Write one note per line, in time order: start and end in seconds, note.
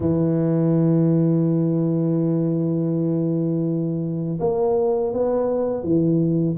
0.00 4.39 E3
4.39 5.13 A#3
5.13 5.83 B3
5.83 6.56 E3